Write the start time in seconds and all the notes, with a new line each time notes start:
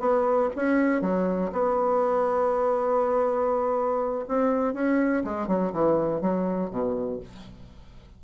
0.00 B3
0.56 C#4
1.02 F#3
1.53 B3
4.28 C4
4.74 C#4
5.24 G#3
5.48 F#3
5.73 E3
6.21 F#3
6.70 B2